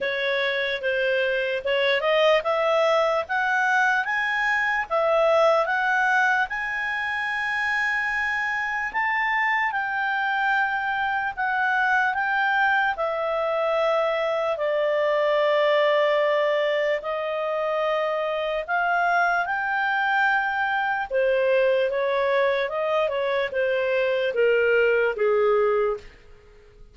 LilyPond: \new Staff \with { instrumentName = "clarinet" } { \time 4/4 \tempo 4 = 74 cis''4 c''4 cis''8 dis''8 e''4 | fis''4 gis''4 e''4 fis''4 | gis''2. a''4 | g''2 fis''4 g''4 |
e''2 d''2~ | d''4 dis''2 f''4 | g''2 c''4 cis''4 | dis''8 cis''8 c''4 ais'4 gis'4 | }